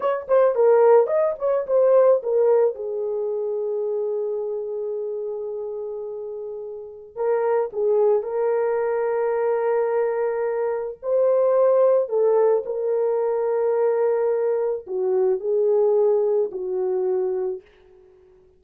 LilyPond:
\new Staff \with { instrumentName = "horn" } { \time 4/4 \tempo 4 = 109 cis''8 c''8 ais'4 dis''8 cis''8 c''4 | ais'4 gis'2.~ | gis'1~ | gis'4 ais'4 gis'4 ais'4~ |
ais'1 | c''2 a'4 ais'4~ | ais'2. fis'4 | gis'2 fis'2 | }